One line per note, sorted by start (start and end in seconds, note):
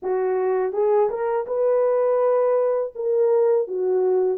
0.02 0.72 F#4
0.72 1.09 G#4
1.09 1.46 A#4
1.46 2.93 B4
2.95 3.68 A#4
3.68 4.38 F#4